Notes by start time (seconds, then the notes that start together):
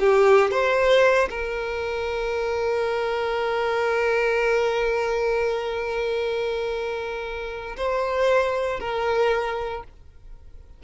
0.00 G4
0.51 C5
1.30 A#4
7.77 C5
8.80 A#4